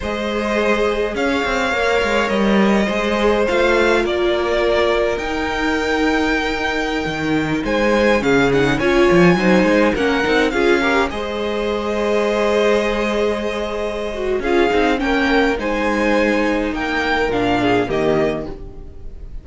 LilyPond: <<
  \new Staff \with { instrumentName = "violin" } { \time 4/4 \tempo 4 = 104 dis''2 f''2 | dis''2 f''4 d''4~ | d''4 g''2.~ | g''4~ g''16 gis''4 f''8 fis''8 gis''8.~ |
gis''4~ gis''16 fis''4 f''4 dis''8.~ | dis''1~ | dis''4 f''4 g''4 gis''4~ | gis''4 g''4 f''4 dis''4 | }
  \new Staff \with { instrumentName = "violin" } { \time 4/4 c''2 cis''2~ | cis''4 c''2 ais'4~ | ais'1~ | ais'4~ ais'16 c''4 gis'4 cis''8.~ |
cis''16 c''4 ais'4 gis'8 ais'8 c''8.~ | c''1~ | c''4 gis'4 ais'4 c''4~ | c''4 ais'4. gis'8 g'4 | }
  \new Staff \with { instrumentName = "viola" } { \time 4/4 gis'2. ais'4~ | ais'4 gis'4 f'2~ | f'4 dis'2.~ | dis'2~ dis'16 cis'8 dis'8 f'8.~ |
f'16 dis'4 cis'8 dis'8 f'8 g'8 gis'8.~ | gis'1~ | gis'8 fis'8 f'8 dis'8 cis'4 dis'4~ | dis'2 d'4 ais4 | }
  \new Staff \with { instrumentName = "cello" } { \time 4/4 gis2 cis'8 c'8 ais8 gis8 | g4 gis4 a4 ais4~ | ais4 dis'2.~ | dis'16 dis4 gis4 cis4 cis'8 f16~ |
f16 fis8 gis8 ais8 c'8 cis'4 gis8.~ | gis1~ | gis4 cis'8 c'8 ais4 gis4~ | gis4 ais4 ais,4 dis4 | }
>>